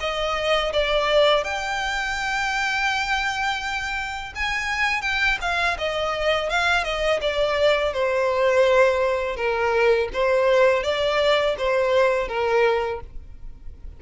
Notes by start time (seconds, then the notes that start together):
0.00 D#5
0.73 D5
1.44 G5
4.35 G#5
5.02 G5
5.41 F5
5.78 D#5
6.50 F5
6.84 D#5
7.21 D5
7.93 C5
9.36 A#4
10.13 C5
10.83 D5
11.58 C5
12.28 A#4